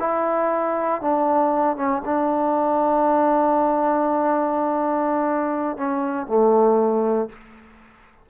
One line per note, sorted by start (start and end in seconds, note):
0.00 1.02 E4
1.02 1.77 D4
1.77 2.03 C#4
2.06 5.77 D4
5.77 6.28 C#4
6.28 7.30 A3